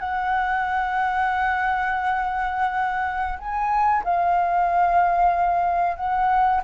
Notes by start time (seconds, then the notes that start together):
0.00 F#5
3.39 G#5
4.04 F5
5.97 F#5